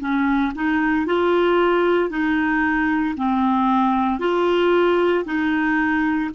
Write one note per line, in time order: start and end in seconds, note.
0.00 0.53 C#4
0.55 1.06 D#4
1.06 2.10 F4
2.10 3.15 D#4
3.17 4.20 C4
4.20 5.25 F4
5.25 6.31 D#4